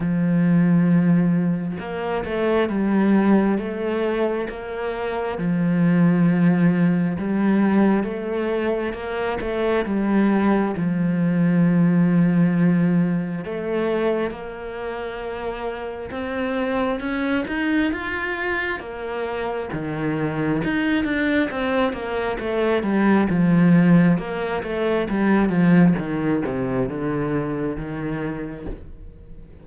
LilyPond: \new Staff \with { instrumentName = "cello" } { \time 4/4 \tempo 4 = 67 f2 ais8 a8 g4 | a4 ais4 f2 | g4 a4 ais8 a8 g4 | f2. a4 |
ais2 c'4 cis'8 dis'8 | f'4 ais4 dis4 dis'8 d'8 | c'8 ais8 a8 g8 f4 ais8 a8 | g8 f8 dis8 c8 d4 dis4 | }